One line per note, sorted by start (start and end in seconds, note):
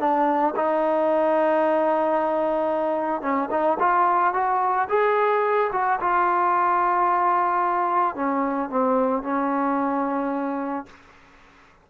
0.00 0.55 D4
0.56 3.22 D#4
3.22 3.50 C#4
3.51 3.78 D#4
3.80 4.34 F4
4.34 4.88 F#4
4.89 5.71 G#4
5.72 6.00 F#4
6.00 8.16 F4
8.16 8.70 C#4
8.70 9.23 C4
9.23 10.87 C#4